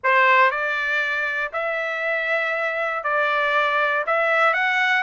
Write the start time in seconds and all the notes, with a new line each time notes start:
0.03 C5
0.50 D5
1.52 E5
3.03 D5
4.06 E5
4.53 F#5